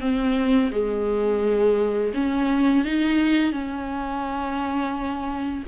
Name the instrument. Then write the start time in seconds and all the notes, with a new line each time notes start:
viola
0.00 C4
0.71 G#3
2.14 C#4
2.85 D#4
3.51 C#4